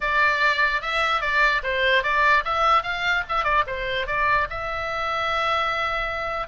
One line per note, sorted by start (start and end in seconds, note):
0.00 0.81 D5
0.81 1.21 E5
1.21 1.61 D5
1.63 2.03 C5
2.03 2.43 D5
2.44 2.82 E5
2.82 3.23 F5
3.28 3.43 E5
3.43 3.64 D5
3.66 4.07 C5
4.07 4.47 D5
4.50 6.47 E5